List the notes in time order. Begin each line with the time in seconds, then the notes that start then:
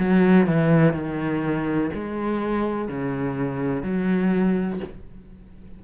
0.00 F#3
0.47 E3
0.94 D#3
1.94 G#3
2.89 C#3
3.84 F#3